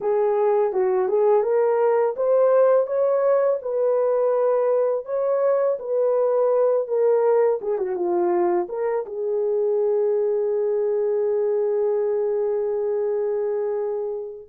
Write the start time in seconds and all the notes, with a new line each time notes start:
0.00 G#4
0.72 F#4
1.08 G#4
1.42 A#4
2.16 C5
2.86 C#5
3.61 B4
5.05 C#5
5.79 B4
6.87 A#4
7.61 G#4
7.78 F#4
7.95 F4
8.68 A#4
9.05 G#4